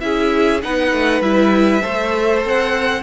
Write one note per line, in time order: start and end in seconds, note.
0.00 0.63 C#4
0.00 0.61 E4
0.00 0.64 G#4
0.00 0.61 E5
0.62 0.92 B3
0.62 1.23 D#4
0.62 1.83 B4
0.62 1.22 F#5
0.92 1.21 A3
1.21 1.82 G3
1.21 1.82 E4
1.21 2.43 E5
1.82 2.45 A3
1.82 3.03 A4
1.82 3.03 C5
2.45 3.03 C4
2.45 3.03 F#5